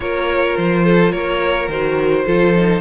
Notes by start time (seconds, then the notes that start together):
0.00 A#3 F4 A#4 C#5
0.56 F3 C5
0.84 A4
1.11 A#3 A#4 C#5
1.68 D#3 F#4 C5
2.25 F3 F4 A4
2.56 D#4